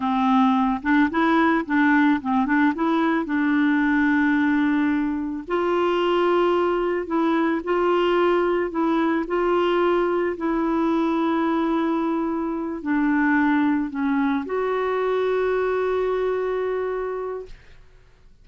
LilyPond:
\new Staff \with { instrumentName = "clarinet" } { \time 4/4 \tempo 4 = 110 c'4. d'8 e'4 d'4 | c'8 d'8 e'4 d'2~ | d'2 f'2~ | f'4 e'4 f'2 |
e'4 f'2 e'4~ | e'2.~ e'8 d'8~ | d'4. cis'4 fis'4.~ | fis'1 | }